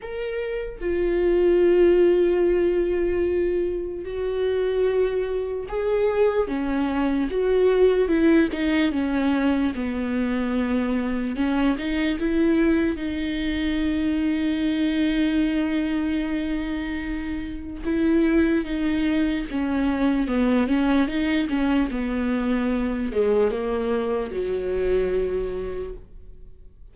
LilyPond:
\new Staff \with { instrumentName = "viola" } { \time 4/4 \tempo 4 = 74 ais'4 f'2.~ | f'4 fis'2 gis'4 | cis'4 fis'4 e'8 dis'8 cis'4 | b2 cis'8 dis'8 e'4 |
dis'1~ | dis'2 e'4 dis'4 | cis'4 b8 cis'8 dis'8 cis'8 b4~ | b8 gis8 ais4 fis2 | }